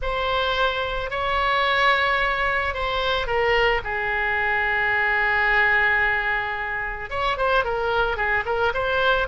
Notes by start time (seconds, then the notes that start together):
0.02 C5
1.10 C#5
2.74 C5
3.26 A#4
3.83 G#4
7.10 C#5
7.37 C5
7.64 A#4
8.16 G#4
8.45 A#4
8.73 C5